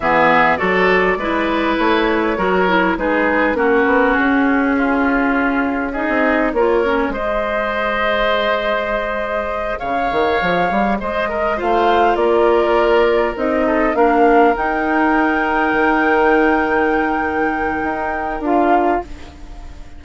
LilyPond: <<
  \new Staff \with { instrumentName = "flute" } { \time 4/4 \tempo 4 = 101 e''4 d''2 cis''4~ | cis''4 b'4 ais'4 gis'4~ | gis'2 dis''4 cis''4 | dis''1~ |
dis''8 f''2 dis''4 f''8~ | f''8 d''2 dis''4 f''8~ | f''8 g''2.~ g''8~ | g''2. f''4 | }
  \new Staff \with { instrumentName = "oboe" } { \time 4/4 gis'4 a'4 b'2 | ais'4 gis'4 fis'2 | f'2 gis'4 ais'4 | c''1~ |
c''8 cis''2 c''8 ais'8 c''8~ | c''8 ais'2~ ais'8 a'8 ais'8~ | ais'1~ | ais'1 | }
  \new Staff \with { instrumentName = "clarinet" } { \time 4/4 b4 fis'4 e'2 | fis'8 e'8 dis'4 cis'2~ | cis'2 dis'4 f'8 cis'8 | gis'1~ |
gis'2.~ gis'8 f'8~ | f'2~ f'8 dis'4 d'8~ | d'8 dis'2.~ dis'8~ | dis'2. f'4 | }
  \new Staff \with { instrumentName = "bassoon" } { \time 4/4 e4 fis4 gis4 a4 | fis4 gis4 ais8 b8 cis'4~ | cis'2~ cis'16 c'8. ais4 | gis1~ |
gis8 cis8 dis8 f8 g8 gis4 a8~ | a8 ais2 c'4 ais8~ | ais8 dis'2 dis4.~ | dis2 dis'4 d'4 | }
>>